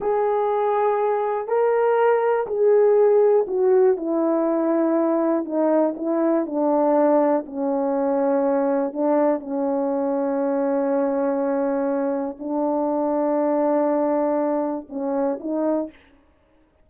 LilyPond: \new Staff \with { instrumentName = "horn" } { \time 4/4 \tempo 4 = 121 gis'2. ais'4~ | ais'4 gis'2 fis'4 | e'2. dis'4 | e'4 d'2 cis'4~ |
cis'2 d'4 cis'4~ | cis'1~ | cis'4 d'2.~ | d'2 cis'4 dis'4 | }